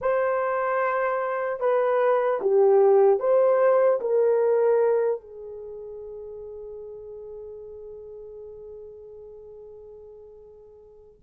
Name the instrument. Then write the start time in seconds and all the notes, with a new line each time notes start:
horn
0.01 C5
1.60 B4
2.41 G4
3.19 C5
4.00 A#4
5.20 G#4